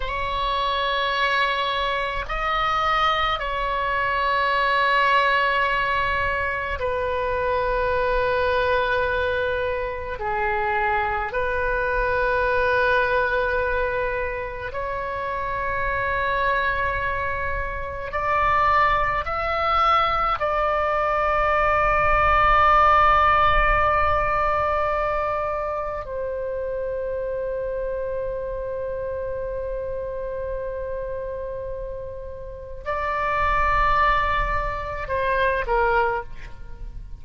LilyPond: \new Staff \with { instrumentName = "oboe" } { \time 4/4 \tempo 4 = 53 cis''2 dis''4 cis''4~ | cis''2 b'2~ | b'4 gis'4 b'2~ | b'4 cis''2. |
d''4 e''4 d''2~ | d''2. c''4~ | c''1~ | c''4 d''2 c''8 ais'8 | }